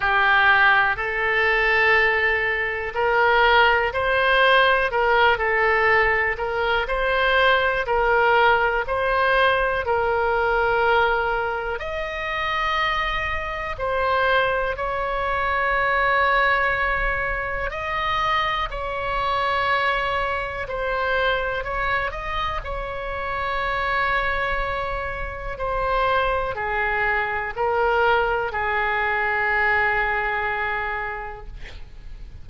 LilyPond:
\new Staff \with { instrumentName = "oboe" } { \time 4/4 \tempo 4 = 61 g'4 a'2 ais'4 | c''4 ais'8 a'4 ais'8 c''4 | ais'4 c''4 ais'2 | dis''2 c''4 cis''4~ |
cis''2 dis''4 cis''4~ | cis''4 c''4 cis''8 dis''8 cis''4~ | cis''2 c''4 gis'4 | ais'4 gis'2. | }